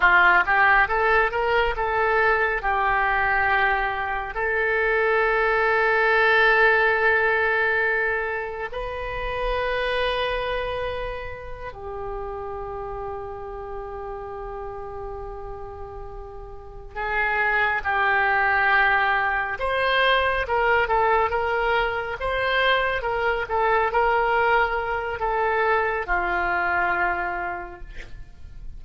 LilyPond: \new Staff \with { instrumentName = "oboe" } { \time 4/4 \tempo 4 = 69 f'8 g'8 a'8 ais'8 a'4 g'4~ | g'4 a'2.~ | a'2 b'2~ | b'4. g'2~ g'8~ |
g'2.~ g'8 gis'8~ | gis'8 g'2 c''4 ais'8 | a'8 ais'4 c''4 ais'8 a'8 ais'8~ | ais'4 a'4 f'2 | }